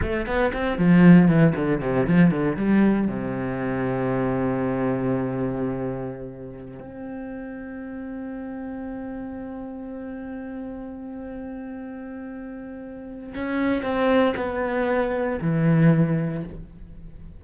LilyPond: \new Staff \with { instrumentName = "cello" } { \time 4/4 \tempo 4 = 117 a8 b8 c'8 f4 e8 d8 c8 | f8 d8 g4 c2~ | c1~ | c4~ c16 c'2~ c'8.~ |
c'1~ | c'1~ | c'2 cis'4 c'4 | b2 e2 | }